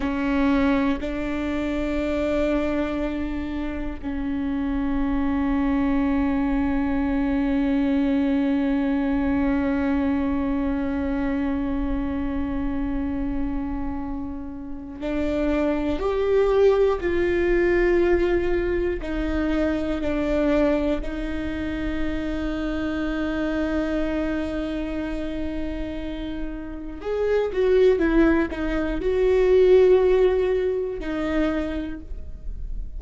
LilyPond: \new Staff \with { instrumentName = "viola" } { \time 4/4 \tempo 4 = 60 cis'4 d'2. | cis'1~ | cis'1~ | cis'2. d'4 |
g'4 f'2 dis'4 | d'4 dis'2.~ | dis'2. gis'8 fis'8 | e'8 dis'8 fis'2 dis'4 | }